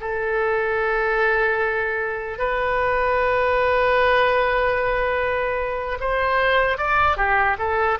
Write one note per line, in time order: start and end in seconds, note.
0.00 2.38 A4
2.38 5.98 B4
6.00 6.77 C5
6.77 7.16 D5
7.16 7.56 G4
7.58 7.98 A4